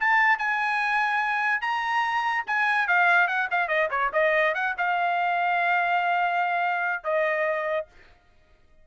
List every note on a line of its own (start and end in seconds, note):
0.00 0.39 A5
0.39 1.61 G#5
1.61 2.45 A#5
2.47 2.88 G#5
2.88 3.27 F5
3.27 3.48 F#5
3.51 3.68 F5
3.68 3.89 D#5
3.91 4.12 C#5
4.13 4.55 D#5
4.55 4.75 F#5
4.78 7.04 F5
7.04 7.87 D#5